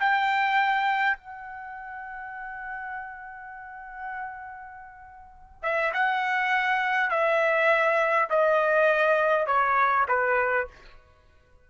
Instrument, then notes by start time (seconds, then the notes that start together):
trumpet
0.00 G5
1.17 F#5
5.62 E5
5.94 F#5
7.10 E5
8.30 D#5
9.47 C#5
10.08 B4